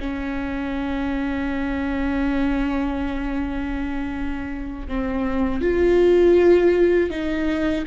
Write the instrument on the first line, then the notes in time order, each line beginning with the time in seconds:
viola
0.00 C#4
4.88 C4
5.62 F4
7.10 D#4